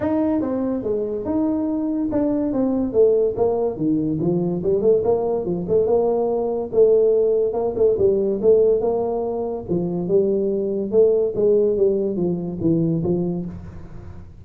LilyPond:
\new Staff \with { instrumentName = "tuba" } { \time 4/4 \tempo 4 = 143 dis'4 c'4 gis4 dis'4~ | dis'4 d'4 c'4 a4 | ais4 dis4 f4 g8 a8 | ais4 f8 a8 ais2 |
a2 ais8 a8 g4 | a4 ais2 f4 | g2 a4 gis4 | g4 f4 e4 f4 | }